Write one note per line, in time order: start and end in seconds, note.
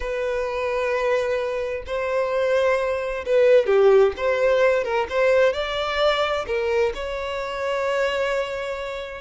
0.00 1.83 B4
1.86 3.24 C5
3.25 3.66 B4
3.66 4.12 G4
4.16 4.83 C5
4.83 5.06 A#4
5.09 5.53 C5
5.53 6.45 D5
6.46 6.92 A#4
6.94 9.21 C#5